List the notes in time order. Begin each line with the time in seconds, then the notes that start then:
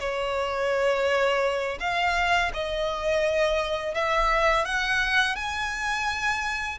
0.00 C#5
1.80 F5
2.54 D#5
3.95 E5
4.65 F#5
5.36 G#5